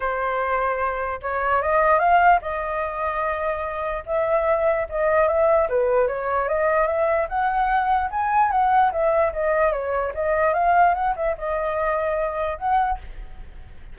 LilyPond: \new Staff \with { instrumentName = "flute" } { \time 4/4 \tempo 4 = 148 c''2. cis''4 | dis''4 f''4 dis''2~ | dis''2 e''2 | dis''4 e''4 b'4 cis''4 |
dis''4 e''4 fis''2 | gis''4 fis''4 e''4 dis''4 | cis''4 dis''4 f''4 fis''8 e''8 | dis''2. fis''4 | }